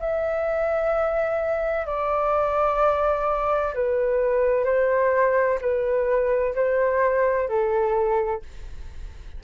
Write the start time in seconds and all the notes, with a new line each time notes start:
0.00 E5
1.87 D5
3.75 B4
4.65 C5
5.61 B4
6.55 C5
7.49 A4